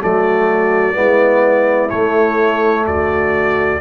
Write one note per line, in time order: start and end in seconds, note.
0.00 0.97 F#3
0.00 0.94 A3
0.00 0.96 F#4
0.00 1.90 D5
0.94 1.92 G#3
0.94 1.89 B3
0.94 2.86 E4
1.90 3.81 A3
1.90 2.87 A3
1.90 2.86 C#5
2.87 3.81 D2
2.87 3.81 F#4
2.87 3.81 D5